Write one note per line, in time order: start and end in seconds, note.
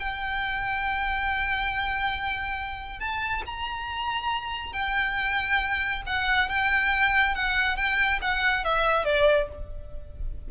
0.00 3.00 G5
3.00 3.43 A5
3.47 4.73 A#5
4.73 6.03 G5
6.07 6.49 F#5
6.49 7.36 G5
7.36 7.77 F#5
7.77 8.20 G5
8.22 8.65 F#5
8.65 9.05 E5
9.05 9.49 D5